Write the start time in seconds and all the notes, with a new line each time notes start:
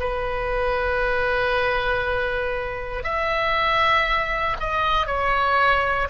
0.00 B4
3.04 E5
4.60 D#5
5.07 C#5